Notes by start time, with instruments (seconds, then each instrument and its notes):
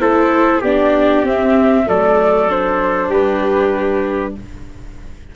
0.00 tuba A3, viola E4, trumpet A4, flute C5
0.61 tuba B3, viola D4, trumpet G4, flute D5
1.24 tuba C4, viola C4, flute E5
1.86 tuba F#3, viola A3, trumpet A4, flute D5
2.50 viola D4, flute C5
3.09 tuba G3, trumpet G4, flute B4